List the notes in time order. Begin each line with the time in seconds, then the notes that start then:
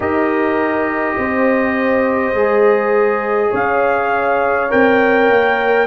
0.00 D#4 G4 A#4 D#5
1.17 C4 C5
2.33 G#3 G#4
3.50 C#4 C#5 F5
4.69 C4 A#4 G5
5.29 A#3